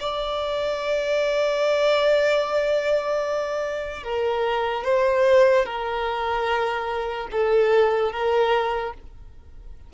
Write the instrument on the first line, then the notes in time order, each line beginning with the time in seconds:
violin
0.00 D5
4.04 A#4
4.85 C5
5.66 A#4
7.32 A4
8.13 A#4